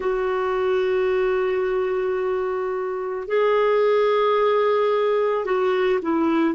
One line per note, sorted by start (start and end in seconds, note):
0.00 3.27 F#4
3.27 5.45 G#4
5.45 6.00 F#4
6.01 6.54 E4